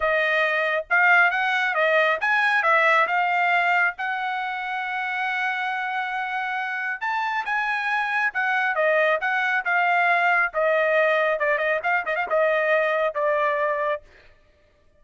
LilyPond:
\new Staff \with { instrumentName = "trumpet" } { \time 4/4 \tempo 4 = 137 dis''2 f''4 fis''4 | dis''4 gis''4 e''4 f''4~ | f''4 fis''2.~ | fis''1 |
a''4 gis''2 fis''4 | dis''4 fis''4 f''2 | dis''2 d''8 dis''8 f''8 dis''16 f''16 | dis''2 d''2 | }